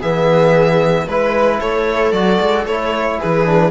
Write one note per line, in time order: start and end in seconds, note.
0.00 1.07 E3
0.00 1.08 B3
0.00 1.06 G#4
0.00 1.08 E5
1.06 1.60 G#3
1.06 2.14 E4
1.06 1.60 B4
1.60 2.12 A3
1.60 3.19 A4
1.60 2.12 C#5
2.12 2.39 F#3
2.12 2.67 F#4
2.12 2.65 D5
2.40 2.65 G#3
2.65 3.18 A3
2.65 3.45 E4
2.65 3.20 C#5
3.19 3.70 E3
3.19 3.70 G#4
3.19 3.70 B4
3.45 3.70 D4